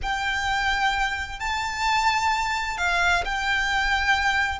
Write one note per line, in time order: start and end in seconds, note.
0.02 1.39 G5
1.39 2.77 A5
2.77 3.23 F5
3.24 4.59 G5